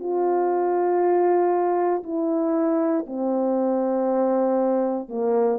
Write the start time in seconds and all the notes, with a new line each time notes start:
0.00 F4
2.04 E4
3.07 C4
5.09 A#3